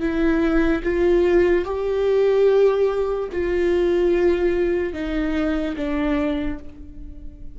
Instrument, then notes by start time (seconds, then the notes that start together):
viola
0.00 E4
0.83 F4
1.64 G4
3.32 F4
4.93 D#4
5.76 D4